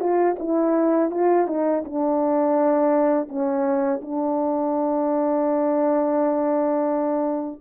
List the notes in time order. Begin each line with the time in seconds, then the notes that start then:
0.00 F4
0.39 E4
1.11 F4
1.48 D#4
1.85 D4
3.28 C#4
4.02 D4